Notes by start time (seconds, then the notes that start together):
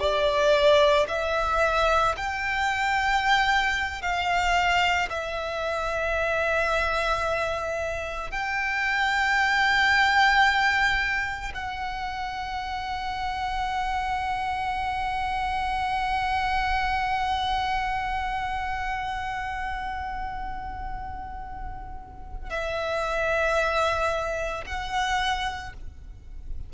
0.00 D5
1.09 E5
2.17 G5
4.02 F5
5.10 E5
8.31 G5
11.55 F#5
22.50 E5
24.67 F#5